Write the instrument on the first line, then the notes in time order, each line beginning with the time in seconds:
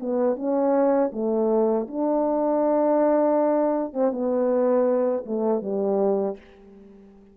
horn
0.00 B3
0.36 C#4
1.12 A3
1.88 D4
3.93 C4
4.12 B3
5.26 A3
5.62 G3